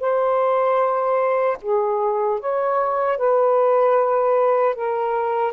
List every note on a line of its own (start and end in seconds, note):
0.00 1.58 C5
1.62 2.40 G#4
2.40 3.18 C#5
3.18 4.75 B4
4.75 5.53 A#4